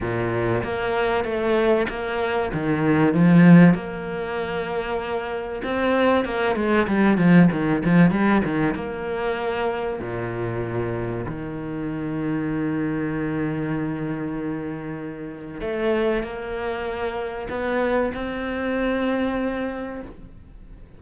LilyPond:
\new Staff \with { instrumentName = "cello" } { \time 4/4 \tempo 4 = 96 ais,4 ais4 a4 ais4 | dis4 f4 ais2~ | ais4 c'4 ais8 gis8 g8 f8 | dis8 f8 g8 dis8 ais2 |
ais,2 dis2~ | dis1~ | dis4 a4 ais2 | b4 c'2. | }